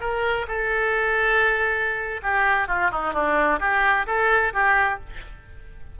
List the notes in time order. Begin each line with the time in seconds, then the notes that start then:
0.00 A#4
0.48 A4
2.22 G4
2.68 F4
2.91 D#4
3.13 D4
3.60 G4
4.07 A4
4.53 G4